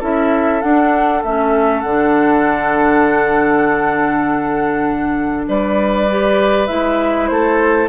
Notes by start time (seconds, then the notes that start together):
0.00 C#4 E4 A4 E5
0.62 D4 F#5
1.24 A3 C#4 E5
1.81 D3 D4 F#5
5.48 G3 B4 D5
6.09 G4
6.67 G#3 E4 E5
7.27 A3 A4 C5